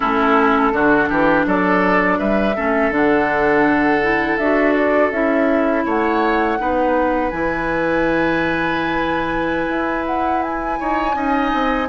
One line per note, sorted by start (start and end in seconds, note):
0.00 0.72 A3
0.00 0.72 C#4
0.00 0.72 E4
0.00 1.44 A4
0.72 1.09 D3
0.72 2.55 D4
0.72 1.09 F#4
1.09 1.46 E3
1.09 1.45 G4
1.46 2.19 F#3
1.46 2.19 A4
1.46 2.19 D5
2.19 2.55 G3
2.19 2.55 B4
2.19 2.93 E5
2.55 2.90 A3
2.55 2.91 C#4
2.55 5.84 A4
2.90 4.36 D3
2.90 4.01 D4
2.90 4.37 F#5
4.02 4.38 E4
4.37 5.11 D4
4.37 5.12 F#4
4.37 4.74 E5
4.74 5.11 D5
5.11 5.84 C#4
5.11 6.58 E4
5.11 5.84 E5
5.85 6.59 A3
5.85 6.58 C#5
5.85 7.30 F#5
6.58 7.32 B3
6.58 7.31 D#4
6.58 10.79 B4
7.30 9.68 E3
7.30 11.14 E4
7.30 10.04 G#5
9.68 10.78 E4
10.06 10.42 F#5
10.42 11.88 G#5
10.79 11.14 D#4
10.79 11.16 C#5
11.14 11.51 C#4
11.14 11.87 D#4
11.14 11.88 D#5
11.53 11.88 C4